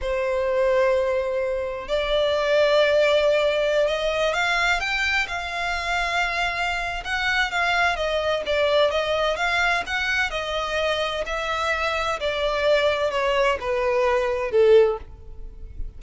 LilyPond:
\new Staff \with { instrumentName = "violin" } { \time 4/4 \tempo 4 = 128 c''1 | d''1~ | d''16 dis''4 f''4 g''4 f''8.~ | f''2. fis''4 |
f''4 dis''4 d''4 dis''4 | f''4 fis''4 dis''2 | e''2 d''2 | cis''4 b'2 a'4 | }